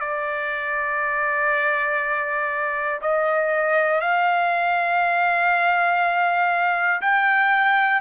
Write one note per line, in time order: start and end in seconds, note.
0.00 3.00 D5
3.01 4.01 D#5
4.01 7.01 F5
7.01 8.01 G5